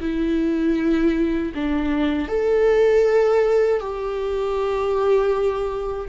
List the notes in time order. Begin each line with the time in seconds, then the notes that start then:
0.00 E4
1.54 D4
2.28 A4
3.80 G4